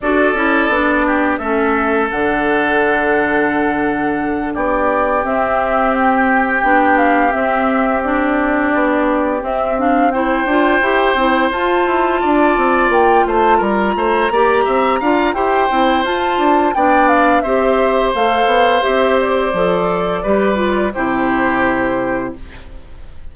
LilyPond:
<<
  \new Staff \with { instrumentName = "flute" } { \time 4/4 \tempo 4 = 86 d''2 e''4 fis''4~ | fis''2~ fis''8 d''4 e''8~ | e''8 g''4. f''8 e''4 d''8~ | d''4. e''8 f''8 g''4.~ |
g''8 a''2 g''8 a''8 ais''8~ | ais''2 g''4 a''4 | g''8 f''8 e''4 f''4 e''8 d''8~ | d''2 c''2 | }
  \new Staff \with { instrumentName = "oboe" } { \time 4/4 a'4. g'8 a'2~ | a'2~ a'8 g'4.~ | g'1~ | g'2~ g'8 c''4.~ |
c''4. d''4. c''8 ais'8 | c''8 d''8 e''8 f''8 c''2 | d''4 c''2.~ | c''4 b'4 g'2 | }
  \new Staff \with { instrumentName = "clarinet" } { \time 4/4 fis'8 e'8 d'4 cis'4 d'4~ | d'2.~ d'8 c'8~ | c'4. d'4 c'4 d'8~ | d'4. c'8 d'8 e'8 f'8 g'8 |
e'8 f'2.~ f'8~ | f'8 g'4 f'8 g'8 e'8 f'4 | d'4 g'4 a'4 g'4 | a'4 g'8 f'8 e'2 | }
  \new Staff \with { instrumentName = "bassoon" } { \time 4/4 d'8 cis'8 b4 a4 d4~ | d2~ d8 b4 c'8~ | c'4. b4 c'4.~ | c'8 b4 c'4. d'8 e'8 |
c'8 f'8 e'8 d'8 c'8 ais8 a8 g8 | a8 ais8 c'8 d'8 e'8 c'8 f'8 d'8 | b4 c'4 a8 b8 c'4 | f4 g4 c2 | }
>>